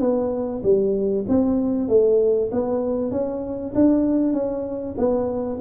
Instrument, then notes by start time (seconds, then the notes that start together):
tuba
0.00 B3
0.63 G3
1.28 C4
1.88 A3
2.51 B3
3.11 C#4
3.75 D4
4.33 C#4
4.97 B3